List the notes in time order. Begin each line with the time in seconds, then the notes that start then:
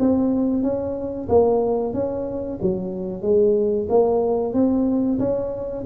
0.00 C4
0.63 C#4
1.29 A#3
1.94 C#4
2.62 F#3
3.23 G#3
3.90 A#3
4.54 C4
5.20 C#4